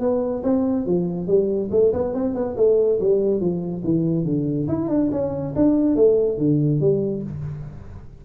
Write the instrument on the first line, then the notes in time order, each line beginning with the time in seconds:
tuba
0.00 B3
0.43 C4
0.86 F3
1.27 G3
1.71 A3
1.93 B3
2.14 C4
2.35 B3
2.56 A3
3.00 G3
3.40 F3
3.84 E3
4.25 D3
4.68 E4
4.89 D4
5.12 C#4
5.56 D4
5.96 A3
6.38 D3
6.80 G3